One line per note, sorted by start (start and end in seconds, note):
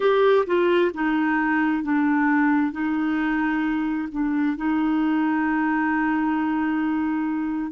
0.00 0.45 G4
0.46 0.91 F4
0.94 1.83 D#4
1.83 2.71 D4
2.71 4.08 D#4
4.11 4.56 D4
4.56 7.71 D#4